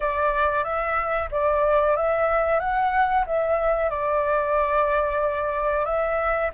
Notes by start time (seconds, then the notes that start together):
0.00 D5
0.63 E5
1.31 D5
1.96 E5
2.59 F#5
3.26 E5
3.90 D5
5.85 E5